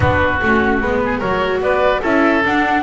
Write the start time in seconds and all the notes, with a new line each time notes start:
0.00 B3 D4 F#4 B4
0.42 A3 C#4 F#4
0.81 G#3 B3 B4
1.05 G#4
1.18 F#3 F#4 A#4 C#5
1.60 B3 B4 D5
2.01 C#4 E4 A4 E5
2.45 D4 F#5